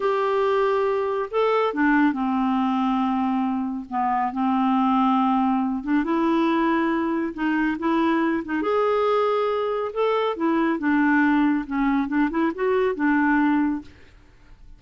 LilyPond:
\new Staff \with { instrumentName = "clarinet" } { \time 4/4 \tempo 4 = 139 g'2. a'4 | d'4 c'2.~ | c'4 b4 c'2~ | c'4. d'8 e'2~ |
e'4 dis'4 e'4. dis'8 | gis'2. a'4 | e'4 d'2 cis'4 | d'8 e'8 fis'4 d'2 | }